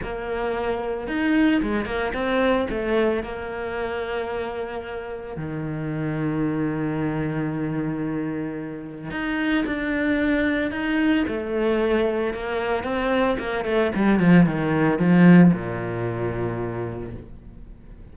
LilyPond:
\new Staff \with { instrumentName = "cello" } { \time 4/4 \tempo 4 = 112 ais2 dis'4 gis8 ais8 | c'4 a4 ais2~ | ais2 dis2~ | dis1~ |
dis4 dis'4 d'2 | dis'4 a2 ais4 | c'4 ais8 a8 g8 f8 dis4 | f4 ais,2. | }